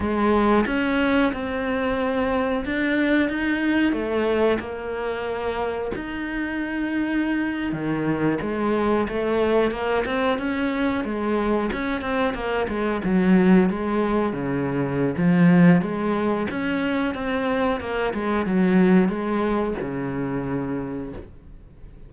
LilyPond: \new Staff \with { instrumentName = "cello" } { \time 4/4 \tempo 4 = 91 gis4 cis'4 c'2 | d'4 dis'4 a4 ais4~ | ais4 dis'2~ dis'8. dis16~ | dis8. gis4 a4 ais8 c'8 cis'16~ |
cis'8. gis4 cis'8 c'8 ais8 gis8 fis16~ | fis8. gis4 cis4~ cis16 f4 | gis4 cis'4 c'4 ais8 gis8 | fis4 gis4 cis2 | }